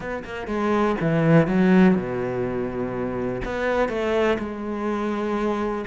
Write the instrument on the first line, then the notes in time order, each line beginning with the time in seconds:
cello
0.00 B3
0.24 A#3
0.47 G#3
1.00 E3
1.47 F#3
1.95 B2
3.44 B3
3.88 A3
4.38 G#3